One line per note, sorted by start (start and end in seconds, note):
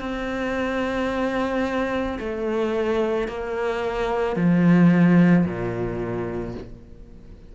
0.00 2.18 C4
2.19 3.28 A3
3.28 4.36 A#3
4.36 5.45 F3
5.45 6.55 A#2